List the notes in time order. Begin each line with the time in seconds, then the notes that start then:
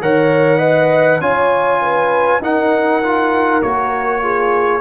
0.00 D#3 A#4 C#5 F#5
0.58 B4 D#5
1.20 C#4 F4 C#5 G#5
1.81 B4
2.40 D#4 A#4 F#5
3.02 F4
3.62 A#3 F#4 C#5
4.22 F4 G#4